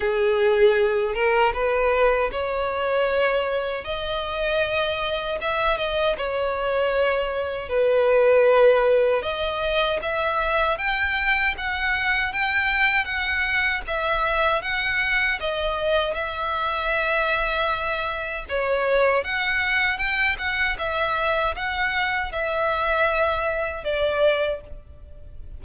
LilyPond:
\new Staff \with { instrumentName = "violin" } { \time 4/4 \tempo 4 = 78 gis'4. ais'8 b'4 cis''4~ | cis''4 dis''2 e''8 dis''8 | cis''2 b'2 | dis''4 e''4 g''4 fis''4 |
g''4 fis''4 e''4 fis''4 | dis''4 e''2. | cis''4 fis''4 g''8 fis''8 e''4 | fis''4 e''2 d''4 | }